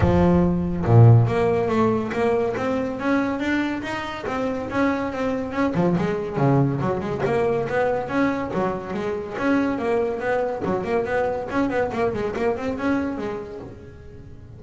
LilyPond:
\new Staff \with { instrumentName = "double bass" } { \time 4/4 \tempo 4 = 141 f2 ais,4 ais4 | a4 ais4 c'4 cis'4 | d'4 dis'4 c'4 cis'4 | c'4 cis'8 f8 gis4 cis4 |
fis8 gis8 ais4 b4 cis'4 | fis4 gis4 cis'4 ais4 | b4 fis8 ais8 b4 cis'8 b8 | ais8 gis8 ais8 c'8 cis'4 gis4 | }